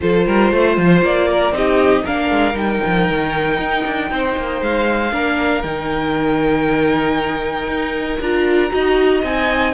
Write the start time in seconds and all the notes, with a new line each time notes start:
0.00 F3 F4 A4 C5
0.26 G3 A#4
0.51 A3 C5
0.77 F3
1.01 A#3 D5
1.28 A#4
1.51 C4 D#4 G4 D#5
2.04 A#3 D4 A#4 F5
2.30 G#3
2.53 G3 D#4 G5
2.85 F3
3.09 D#3
3.58 D#4
3.85 D4
4.10 C4 C5
4.37 A#3
4.61 G#3 F5
5.11 A#3 D4 A#4
5.62 D#3 D#4 G5
7.67 D#4
8.20 D4 F4 A#5
8.70 D#4 F#4 D#5
9.22 C4 D#4 G#5